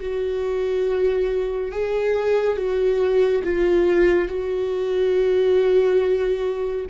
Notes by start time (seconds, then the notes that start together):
0.00 F#4
1.71 G#4
2.56 F#4
3.44 F4
4.28 F#4